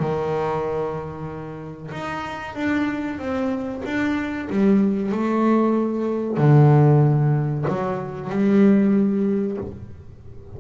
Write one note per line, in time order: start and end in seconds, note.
0.00 1.91 D#3
1.92 2.55 D#4
2.55 3.19 D4
3.19 3.83 C4
3.85 4.49 D4
4.50 5.12 G3
5.12 6.38 A3
6.38 7.65 D3
7.68 8.30 F#3
8.30 9.58 G3